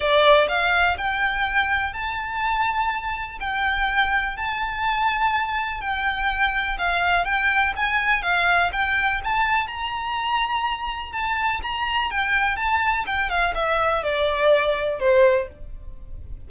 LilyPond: \new Staff \with { instrumentName = "violin" } { \time 4/4 \tempo 4 = 124 d''4 f''4 g''2 | a''2. g''4~ | g''4 a''2. | g''2 f''4 g''4 |
gis''4 f''4 g''4 a''4 | ais''2. a''4 | ais''4 g''4 a''4 g''8 f''8 | e''4 d''2 c''4 | }